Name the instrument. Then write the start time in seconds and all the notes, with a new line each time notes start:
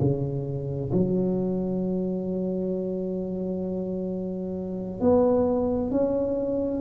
tuba
0.00 C#3
0.92 F#3
5.00 B3
5.90 C#4